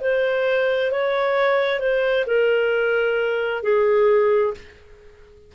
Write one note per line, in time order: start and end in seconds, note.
0.00 0.91 C5
0.91 1.79 C#5
1.79 2.25 C5
2.26 3.63 A#4
3.63 4.54 G#4